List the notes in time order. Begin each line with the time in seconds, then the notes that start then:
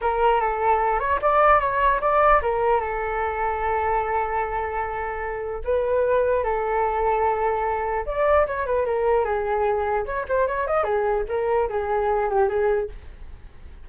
0.01 A#4
0.40 A4
0.99 C#5
1.21 D5
1.60 C#5
2.00 D5
2.42 A#4
2.80 A4
5.64 B4
6.43 A4
8.06 D5
8.47 C#5
8.66 B4
8.85 A#4
9.24 G#4
10.05 C#5
10.28 C5
10.47 C#5
10.67 D#5
10.83 G#4
11.28 A#4
11.69 G#4
12.29 G4
12.48 G#4